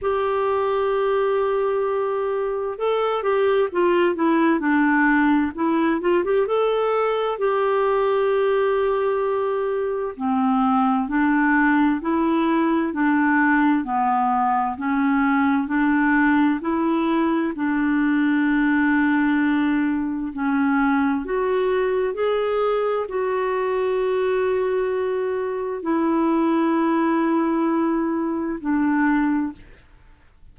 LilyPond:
\new Staff \with { instrumentName = "clarinet" } { \time 4/4 \tempo 4 = 65 g'2. a'8 g'8 | f'8 e'8 d'4 e'8 f'16 g'16 a'4 | g'2. c'4 | d'4 e'4 d'4 b4 |
cis'4 d'4 e'4 d'4~ | d'2 cis'4 fis'4 | gis'4 fis'2. | e'2. d'4 | }